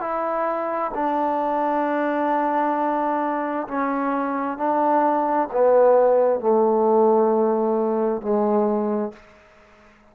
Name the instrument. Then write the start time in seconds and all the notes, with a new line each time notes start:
trombone
0.00 E4
0.94 D4
3.67 C#4
4.57 D4
5.52 B3
6.40 A3
8.21 G#3